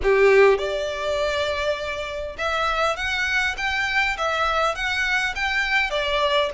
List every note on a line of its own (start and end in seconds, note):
0.03 0.58 G4
0.58 2.36 D5
2.38 2.96 E5
2.96 3.55 F#5
3.57 4.16 G5
4.17 4.75 E5
4.75 5.34 F#5
5.35 5.90 G5
5.90 6.49 D5